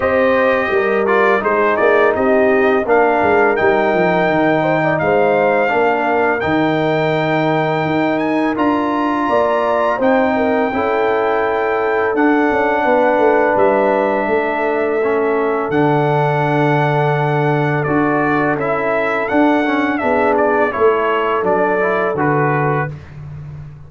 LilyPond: <<
  \new Staff \with { instrumentName = "trumpet" } { \time 4/4 \tempo 4 = 84 dis''4. d''8 c''8 d''8 dis''4 | f''4 g''2 f''4~ | f''4 g''2~ g''8 gis''8 | ais''2 g''2~ |
g''4 fis''2 e''4~ | e''2 fis''2~ | fis''4 d''4 e''4 fis''4 | e''8 d''8 cis''4 d''4 b'4 | }
  \new Staff \with { instrumentName = "horn" } { \time 4/4 c''4 ais'4 gis'4 g'4 | ais'2~ ais'8 c''16 d''16 c''4 | ais'1~ | ais'4 d''4 c''8 ais'8 a'4~ |
a'2 b'2 | a'1~ | a'1 | gis'4 a'2. | }
  \new Staff \with { instrumentName = "trombone" } { \time 4/4 g'4. f'8 dis'2 | d'4 dis'2. | d'4 dis'2. | f'2 dis'4 e'4~ |
e'4 d'2.~ | d'4 cis'4 d'2~ | d'4 fis'4 e'4 d'8 cis'8 | d'4 e'4 d'8 e'8 fis'4 | }
  \new Staff \with { instrumentName = "tuba" } { \time 4/4 c'4 g4 gis8 ais8 c'4 | ais8 gis8 g8 f8 dis4 gis4 | ais4 dis2 dis'4 | d'4 ais4 c'4 cis'4~ |
cis'4 d'8 cis'8 b8 a8 g4 | a2 d2~ | d4 d'4 cis'4 d'4 | b4 a4 fis4 d4 | }
>>